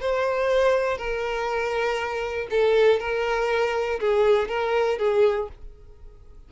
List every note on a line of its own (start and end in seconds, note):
0.00 0.97 C5
0.97 2.48 A#4
2.50 2.99 A4
2.99 3.99 A#4
4.00 4.48 G#4
4.48 4.98 A#4
4.98 5.48 G#4